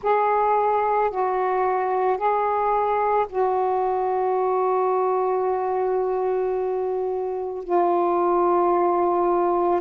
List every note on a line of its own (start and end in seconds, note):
0.02 1.11 G#4
1.11 2.17 F#4
2.17 3.26 G#4
3.29 7.64 F#4
7.64 9.80 F4